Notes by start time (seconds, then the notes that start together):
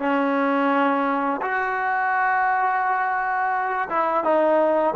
0.00 C#4
1.42 F#4
3.90 E4
4.24 D#4